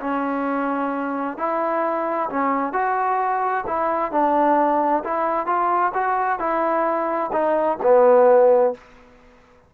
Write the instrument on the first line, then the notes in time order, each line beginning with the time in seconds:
trombone
0.00 C#4
1.37 E4
2.29 C#4
2.73 F#4
3.66 E4
4.11 D4
5.04 E4
5.46 F4
5.94 F#4
6.39 E4
7.32 D#4
7.82 B3